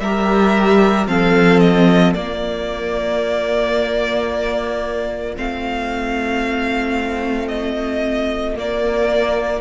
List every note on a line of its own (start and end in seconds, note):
0.00 1.07 G3
0.00 1.08 G4
0.00 1.09 A#4
0.00 1.07 E5
1.07 2.14 F3
1.07 2.14 C4
1.07 2.16 A4
1.07 1.60 F5
1.60 2.14 D#5
2.14 5.36 A#3
2.14 5.37 A#3
2.14 9.61 F4
2.14 5.35 D5
5.36 8.58 A3
5.36 8.56 C4
5.36 7.48 F5
7.48 8.55 D#5
8.56 9.61 A#3
8.56 9.61 D5